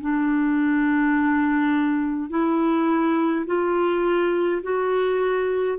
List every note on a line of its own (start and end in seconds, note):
0.00 2.30 D4
2.30 3.45 E4
3.46 4.62 F4
4.63 5.78 F#4